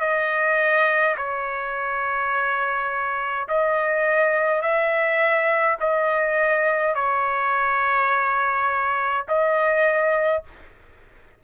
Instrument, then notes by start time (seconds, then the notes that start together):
trumpet
0.00 D#5
1.17 C#5
3.48 D#5
4.62 E5
5.80 D#5
6.95 C#5
9.28 D#5